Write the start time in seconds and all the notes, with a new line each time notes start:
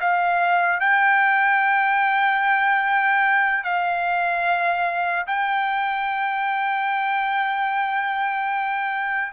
0.00 F5
0.80 G5
3.64 F5
5.27 G5